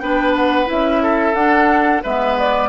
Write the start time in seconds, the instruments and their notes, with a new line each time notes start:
0.00 bassoon B3, clarinet D4, oboe B4, flute G5
0.36 flute F#5
0.66 bassoon C#4, clarinet E4, flute E5
1.03 oboe A4
1.34 clarinet D4, bassoon D4, flute F#5
2.03 bassoon G#3, clarinet B3, oboe B4, flute E5
2.39 flute D5